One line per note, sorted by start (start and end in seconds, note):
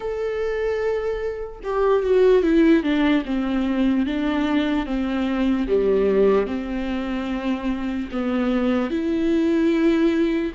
0.00 1.60 A4
1.63 2.03 G4
2.03 2.42 F#4
2.42 2.83 E4
2.83 3.23 D4
3.25 4.05 C4
4.05 4.86 D4
4.86 5.67 C4
5.67 6.46 G3
6.46 8.09 C4
8.11 8.90 B3
8.90 10.52 E4